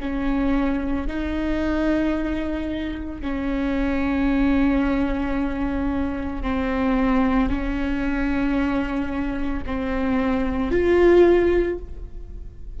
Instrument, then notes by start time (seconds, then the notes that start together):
viola
0.00 C#4
1.07 D#4
3.21 C#4
6.42 C4
7.49 C#4
9.65 C4
10.71 F4